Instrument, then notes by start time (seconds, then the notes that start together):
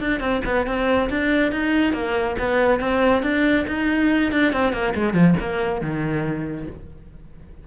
cello
0.00 D4
0.20 C4
0.45 B3
0.67 C4
1.10 D4
1.52 D#4
1.93 A#3
2.39 B3
2.80 C4
3.23 D4
3.68 D#4
4.32 D4
4.53 C4
4.73 A#3
4.95 G#3
5.14 F3
5.40 A#3
5.81 D#3